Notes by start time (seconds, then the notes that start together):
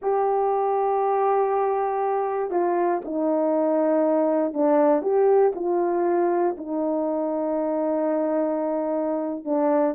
0.01 G4
2.50 F4
3.04 D#4
4.53 D4
5.01 G4
5.55 F4
6.57 D#4
9.44 D4